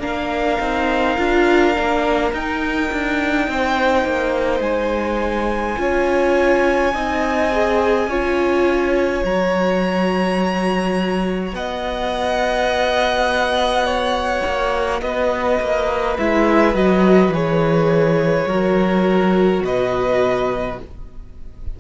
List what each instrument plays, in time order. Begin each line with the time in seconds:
0.00 cello A#3, viola D4, violin A#4 F5
0.60 cello C4, viola D#4
1.18 cello D4, viola F4
1.75 cello A#3, viola D4
2.33 viola D#4, cello D#4, violin G5
2.92 cello D4
3.48 cello C4, violin C5
4.05 cello A#3
4.61 cello G#3, violin G#5
5.77 cello C#4, viola F4, violin C#5
6.94 cello C4, viola D#4, violin D#5
7.52 viola G#4
8.07 cello C#4, viola F4, violin C#5
9.25 cello F#3, viola F#4, violin A#5
11.53 cello B3, violin D#5 F#5
13.86 violin C#5
14.46 cello A#3
15.02 cello B3, violin B4 D#5
15.60 cello A#3
16.19 cello G#3, viola E4, violin E5
16.75 cello F#3, viola F#4, violin D#5
17.29 cello E3, viola G#4, violin C#5
18.47 cello F#3, viola F#4, violin A#4
19.62 cello B2, violin B4 D#5